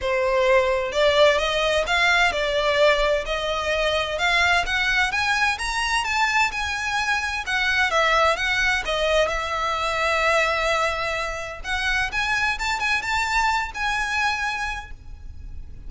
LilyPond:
\new Staff \with { instrumentName = "violin" } { \time 4/4 \tempo 4 = 129 c''2 d''4 dis''4 | f''4 d''2 dis''4~ | dis''4 f''4 fis''4 gis''4 | ais''4 a''4 gis''2 |
fis''4 e''4 fis''4 dis''4 | e''1~ | e''4 fis''4 gis''4 a''8 gis''8 | a''4. gis''2~ gis''8 | }